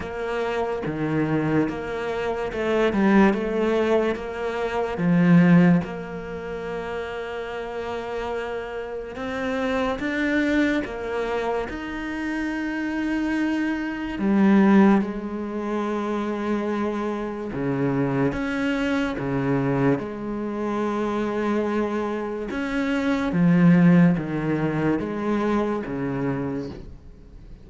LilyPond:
\new Staff \with { instrumentName = "cello" } { \time 4/4 \tempo 4 = 72 ais4 dis4 ais4 a8 g8 | a4 ais4 f4 ais4~ | ais2. c'4 | d'4 ais4 dis'2~ |
dis'4 g4 gis2~ | gis4 cis4 cis'4 cis4 | gis2. cis'4 | f4 dis4 gis4 cis4 | }